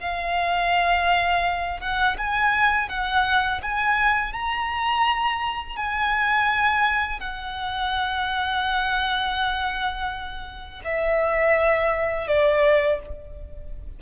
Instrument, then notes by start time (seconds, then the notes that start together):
violin
0.00 F5
1.80 F#5
2.18 G#5
2.89 F#5
3.62 G#5
4.33 A#5
5.76 G#5
7.20 F#5
10.84 E5
12.27 D5